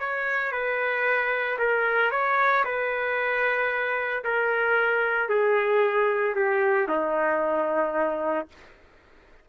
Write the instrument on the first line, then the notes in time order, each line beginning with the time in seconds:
trumpet
0.00 C#5
0.52 B4
1.59 A#4
2.11 C#5
2.65 B4
4.25 A#4
5.29 G#4
6.35 G4
6.88 D#4